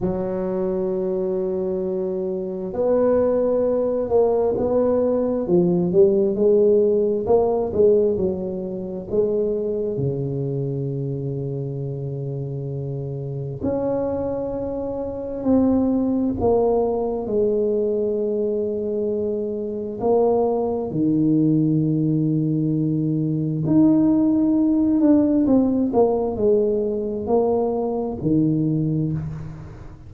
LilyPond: \new Staff \with { instrumentName = "tuba" } { \time 4/4 \tempo 4 = 66 fis2. b4~ | b8 ais8 b4 f8 g8 gis4 | ais8 gis8 fis4 gis4 cis4~ | cis2. cis'4~ |
cis'4 c'4 ais4 gis4~ | gis2 ais4 dis4~ | dis2 dis'4. d'8 | c'8 ais8 gis4 ais4 dis4 | }